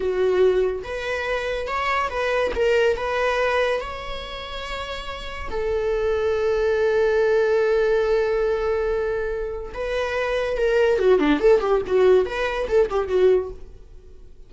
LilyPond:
\new Staff \with { instrumentName = "viola" } { \time 4/4 \tempo 4 = 142 fis'2 b'2 | cis''4 b'4 ais'4 b'4~ | b'4 cis''2.~ | cis''4 a'2.~ |
a'1~ | a'2. b'4~ | b'4 ais'4 fis'8 d'8 a'8 g'8 | fis'4 b'4 a'8 g'8 fis'4 | }